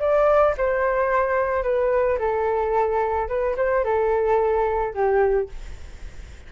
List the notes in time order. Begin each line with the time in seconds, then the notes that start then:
0.00 D5
0.58 C5
1.63 B4
2.19 A4
3.29 B4
3.57 C5
3.85 A4
4.94 G4